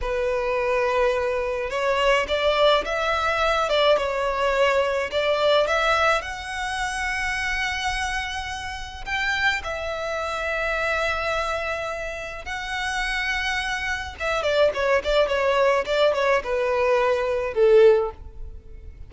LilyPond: \new Staff \with { instrumentName = "violin" } { \time 4/4 \tempo 4 = 106 b'2. cis''4 | d''4 e''4. d''8 cis''4~ | cis''4 d''4 e''4 fis''4~ | fis''1 |
g''4 e''2.~ | e''2 fis''2~ | fis''4 e''8 d''8 cis''8 d''8 cis''4 | d''8 cis''8 b'2 a'4 | }